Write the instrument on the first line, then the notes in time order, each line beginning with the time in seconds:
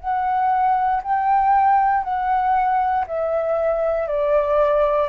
flute
0.00 F#5
1.03 G5
2.03 F#5
3.07 E5
4.07 D5